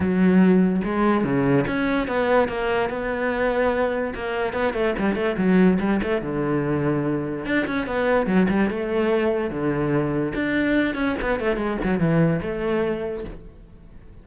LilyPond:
\new Staff \with { instrumentName = "cello" } { \time 4/4 \tempo 4 = 145 fis2 gis4 cis4 | cis'4 b4 ais4 b4~ | b2 ais4 b8 a8 | g8 a8 fis4 g8 a8 d4~ |
d2 d'8 cis'8 b4 | fis8 g8 a2 d4~ | d4 d'4. cis'8 b8 a8 | gis8 fis8 e4 a2 | }